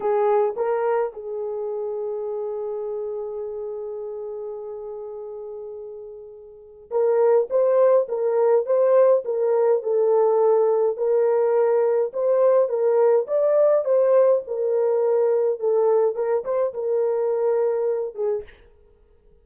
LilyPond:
\new Staff \with { instrumentName = "horn" } { \time 4/4 \tempo 4 = 104 gis'4 ais'4 gis'2~ | gis'1~ | gis'1 | ais'4 c''4 ais'4 c''4 |
ais'4 a'2 ais'4~ | ais'4 c''4 ais'4 d''4 | c''4 ais'2 a'4 | ais'8 c''8 ais'2~ ais'8 gis'8 | }